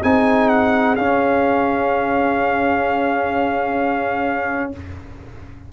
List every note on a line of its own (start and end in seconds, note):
0.00 0.97 C4
0.00 0.97 D#4
0.00 4.69 G#4
0.00 0.49 G#5
0.49 0.96 F#5
0.96 4.73 C#4
0.96 4.71 F5